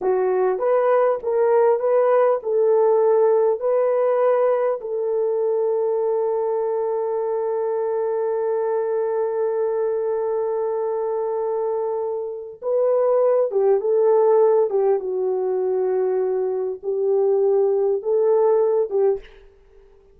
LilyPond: \new Staff \with { instrumentName = "horn" } { \time 4/4 \tempo 4 = 100 fis'4 b'4 ais'4 b'4 | a'2 b'2 | a'1~ | a'1~ |
a'1~ | a'4 b'4. g'8 a'4~ | a'8 g'8 fis'2. | g'2 a'4. g'8 | }